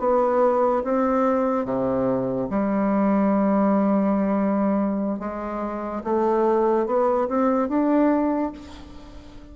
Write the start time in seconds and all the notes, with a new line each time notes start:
0.00 B3
0.84 C4
1.65 C3
2.50 G3
5.20 G#3
6.05 A3
6.87 B3
7.29 C4
7.69 D4